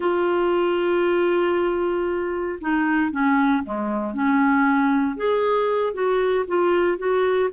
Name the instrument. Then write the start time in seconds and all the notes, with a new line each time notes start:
clarinet
0.00 F4
2.61 D#4
3.11 C#4
3.63 G#3
4.13 C#4
5.16 G#4
5.93 F#4
6.47 F4
6.97 F#4